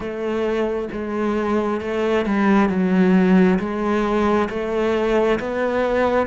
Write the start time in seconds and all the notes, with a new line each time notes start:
0.00 A3
0.92 G#3
1.81 A3
2.25 G3
2.69 F#3
3.59 G#3
4.49 A3
5.39 B3